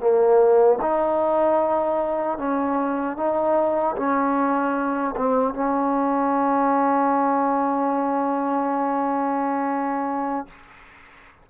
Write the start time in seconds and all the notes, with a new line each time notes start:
0.00 A#3
0.81 D#4
2.38 C#4
3.17 D#4
3.97 C#4
5.16 C4
5.54 C#4